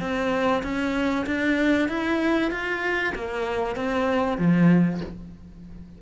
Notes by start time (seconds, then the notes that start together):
0.00 C4
0.63 C#4
1.26 D4
1.88 E4
2.51 F4
3.15 A#3
3.75 C4
4.38 F3